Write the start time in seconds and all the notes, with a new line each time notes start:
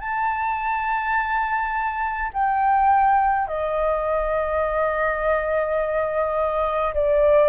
0.00 A5
2.33 G5
3.47 D#5
6.94 D5